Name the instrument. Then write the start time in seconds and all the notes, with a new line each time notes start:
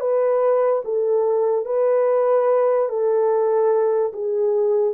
horn
0.00 B4
0.85 A4
1.66 B4
2.89 A4
4.13 G#4